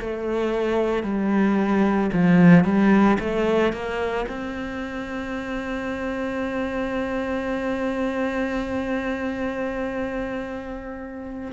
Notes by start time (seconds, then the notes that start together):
0.00 A3
1.03 G3
2.12 F3
2.64 G3
3.19 A3
3.73 A#3
4.28 C4